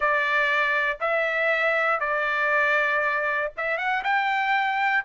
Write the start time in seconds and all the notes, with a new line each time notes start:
0.00 D5
1.00 E5
1.99 D5
3.57 E5
3.77 F#5
4.03 G5